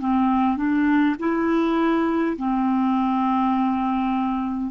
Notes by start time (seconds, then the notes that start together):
0.00 C4
0.57 D4
1.19 E4
2.37 C4